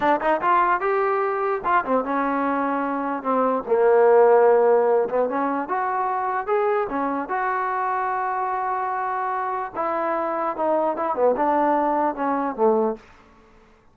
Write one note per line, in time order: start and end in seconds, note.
0.00 0.20 D4
0.20 0.41 D#4
0.41 0.80 F4
0.80 1.61 G4
1.64 1.84 F4
1.84 2.04 C4
2.04 3.22 C#4
3.22 3.63 C4
3.67 5.08 A#3
5.09 5.29 B3
5.29 5.68 C#4
5.68 6.47 F#4
6.47 6.87 G#4
6.89 7.28 C#4
7.28 9.71 F#4
9.75 10.56 E4
10.56 10.96 D#4
10.96 11.15 E4
11.15 11.35 B3
11.36 12.15 D4
12.15 12.55 C#4
12.55 12.96 A3